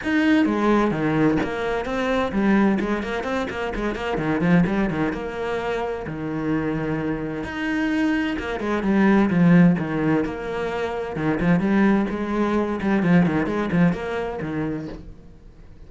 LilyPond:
\new Staff \with { instrumentName = "cello" } { \time 4/4 \tempo 4 = 129 dis'4 gis4 dis4 ais4 | c'4 g4 gis8 ais8 c'8 ais8 | gis8 ais8 dis8 f8 g8 dis8 ais4~ | ais4 dis2. |
dis'2 ais8 gis8 g4 | f4 dis4 ais2 | dis8 f8 g4 gis4. g8 | f8 dis8 gis8 f8 ais4 dis4 | }